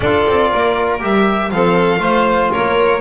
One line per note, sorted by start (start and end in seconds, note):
0.00 0.24 D4
0.00 1.00 F4
0.00 0.49 A4
0.00 1.01 D5
0.27 0.52 C4
0.49 1.02 A#3
0.49 1.50 A#4
1.00 1.51 G3
1.00 1.50 G4
1.00 1.50 E5
1.50 1.99 F3
1.50 1.99 C4
1.50 2.01 A4
1.50 2.51 F5
1.99 2.49 A3
1.99 3.00 F4
1.99 2.51 C5
2.51 3.00 A#3
2.51 3.00 A#4
2.51 3.00 C#5